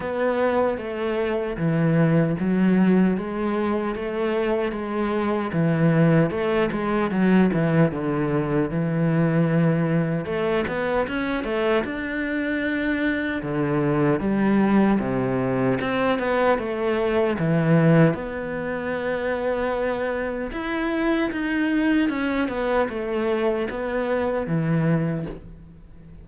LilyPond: \new Staff \with { instrumentName = "cello" } { \time 4/4 \tempo 4 = 76 b4 a4 e4 fis4 | gis4 a4 gis4 e4 | a8 gis8 fis8 e8 d4 e4~ | e4 a8 b8 cis'8 a8 d'4~ |
d'4 d4 g4 c4 | c'8 b8 a4 e4 b4~ | b2 e'4 dis'4 | cis'8 b8 a4 b4 e4 | }